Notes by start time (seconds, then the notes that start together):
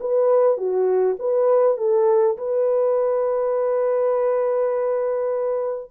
0.00 B4
0.57 F#4
1.19 B4
1.77 A4
2.37 B4